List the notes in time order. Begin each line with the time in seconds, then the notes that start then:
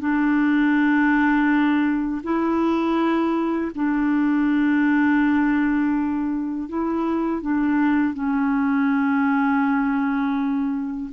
0.00 D4
2.24 E4
3.75 D4
6.69 E4
7.42 D4
8.14 C#4